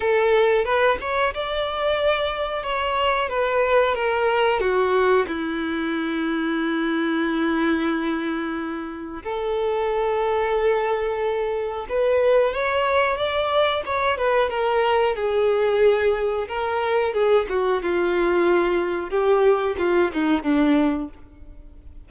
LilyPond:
\new Staff \with { instrumentName = "violin" } { \time 4/4 \tempo 4 = 91 a'4 b'8 cis''8 d''2 | cis''4 b'4 ais'4 fis'4 | e'1~ | e'2 a'2~ |
a'2 b'4 cis''4 | d''4 cis''8 b'8 ais'4 gis'4~ | gis'4 ais'4 gis'8 fis'8 f'4~ | f'4 g'4 f'8 dis'8 d'4 | }